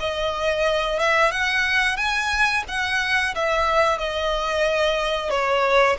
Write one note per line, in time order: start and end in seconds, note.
0.00 0.99 D#5
0.99 1.32 E5
1.32 1.97 F#5
1.97 2.63 G#5
2.68 3.35 F#5
3.35 3.98 E5
3.98 5.30 D#5
5.30 5.97 C#5